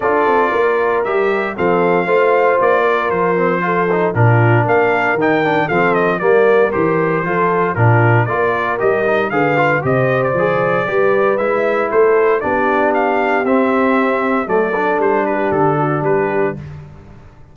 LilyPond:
<<
  \new Staff \with { instrumentName = "trumpet" } { \time 4/4 \tempo 4 = 116 d''2 e''4 f''4~ | f''4 d''4 c''2 | ais'4 f''4 g''4 f''8 dis''8 | d''4 c''2 ais'4 |
d''4 dis''4 f''4 dis''8. d''16~ | d''2 e''4 c''4 | d''4 f''4 e''2 | d''4 c''8 b'8 a'4 b'4 | }
  \new Staff \with { instrumentName = "horn" } { \time 4/4 a'4 ais'2 a'4 | c''4. ais'4. a'4 | f'4 ais'2 a'4 | ais'2 a'4 f'4 |
ais'2 b'4 c''4~ | c''4 b'2 a'4 | g'1 | a'4. g'4 fis'8 g'4 | }
  \new Staff \with { instrumentName = "trombone" } { \time 4/4 f'2 g'4 c'4 | f'2~ f'8 c'8 f'8 dis'8 | d'2 dis'8 d'8 c'4 | ais4 g'4 f'4 d'4 |
f'4 g'8 dis'8 gis'8 f'8 g'4 | gis'4 g'4 e'2 | d'2 c'2 | a8 d'2.~ d'8 | }
  \new Staff \with { instrumentName = "tuba" } { \time 4/4 d'8 c'8 ais4 g4 f4 | a4 ais4 f2 | ais,4 ais4 dis4 f4 | g4 e4 f4 ais,4 |
ais4 g4 d4 c4 | f4 g4 gis4 a4 | b2 c'2 | fis4 g4 d4 g4 | }
>>